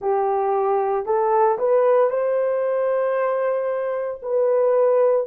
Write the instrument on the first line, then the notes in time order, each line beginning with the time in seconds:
horn
0.00 G4
1.05 A4
1.58 B4
2.10 C5
4.22 B4